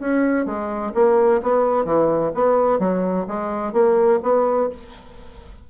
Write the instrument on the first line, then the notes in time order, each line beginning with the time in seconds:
bassoon
0.00 C#4
0.46 G#3
0.95 A#3
1.43 B3
1.85 E3
2.35 B3
2.80 F#3
3.28 G#3
3.73 A#3
4.23 B3